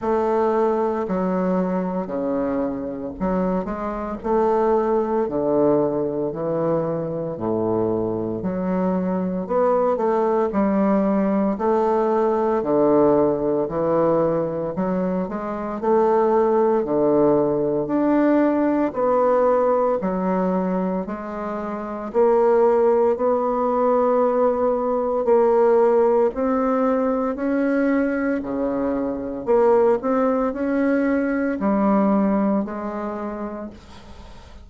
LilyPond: \new Staff \with { instrumentName = "bassoon" } { \time 4/4 \tempo 4 = 57 a4 fis4 cis4 fis8 gis8 | a4 d4 e4 a,4 | fis4 b8 a8 g4 a4 | d4 e4 fis8 gis8 a4 |
d4 d'4 b4 fis4 | gis4 ais4 b2 | ais4 c'4 cis'4 cis4 | ais8 c'8 cis'4 g4 gis4 | }